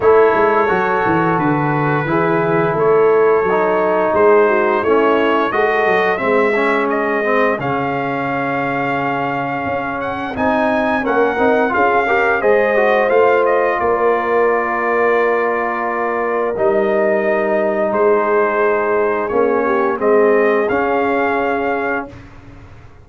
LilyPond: <<
  \new Staff \with { instrumentName = "trumpet" } { \time 4/4 \tempo 4 = 87 cis''2 b'2 | cis''2 c''4 cis''4 | dis''4 e''4 dis''4 f''4~ | f''2~ f''8 fis''8 gis''4 |
fis''4 f''4 dis''4 f''8 dis''8 | d''1 | dis''2 c''2 | cis''4 dis''4 f''2 | }
  \new Staff \with { instrumentName = "horn" } { \time 4/4 a'2. gis'4 | a'2 gis'8 fis'8 e'4 | a'4 gis'2.~ | gis'1 |
ais'4 gis'8 ais'8 c''2 | ais'1~ | ais'2 gis'2~ | gis'8 g'8 gis'2. | }
  \new Staff \with { instrumentName = "trombone" } { \time 4/4 e'4 fis'2 e'4~ | e'4 dis'2 cis'4 | fis'4 c'8 cis'4 c'8 cis'4~ | cis'2. dis'4 |
cis'8 dis'8 f'8 g'8 gis'8 fis'8 f'4~ | f'1 | dis'1 | cis'4 c'4 cis'2 | }
  \new Staff \with { instrumentName = "tuba" } { \time 4/4 a8 gis8 fis8 e8 d4 e4 | a4 fis4 gis4 a4 | gis8 fis8 gis2 cis4~ | cis2 cis'4 c'4 |
ais8 c'8 cis'4 gis4 a4 | ais1 | g2 gis2 | ais4 gis4 cis'2 | }
>>